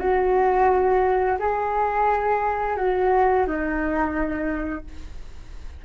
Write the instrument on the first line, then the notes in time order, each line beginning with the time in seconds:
flute
0.00 F#4
1.39 G#4
2.77 F#4
3.47 D#4